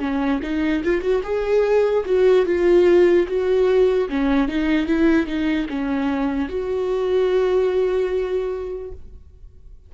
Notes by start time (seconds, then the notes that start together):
0.00 C#4
0.43 D#4
0.84 F4
1.02 F#4
1.24 G#4
2.06 F#4
2.46 F4
3.28 F#4
4.10 C#4
4.49 D#4
4.86 E4
5.27 D#4
5.69 C#4
6.49 F#4